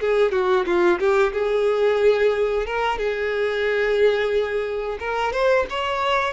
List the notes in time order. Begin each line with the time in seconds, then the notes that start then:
0.00 G#4
0.32 F#4
0.66 F4
0.99 G4
1.33 G#4
2.66 A#4
2.98 G#4
4.99 A#4
5.33 C5
5.70 C#5